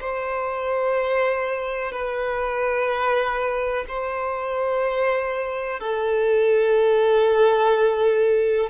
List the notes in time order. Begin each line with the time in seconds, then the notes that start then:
0.00 C5
1.91 B4
3.88 C5
5.80 A4